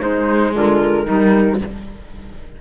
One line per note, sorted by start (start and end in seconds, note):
0.00 0.53 G#3
0.00 1.06 G#3
0.00 0.52 D#4
0.00 0.54 C5
0.54 1.05 D3
0.54 1.04 F4
0.54 1.60 A#4
1.04 1.57 D#3
1.04 1.61 G3
1.04 1.56 D#4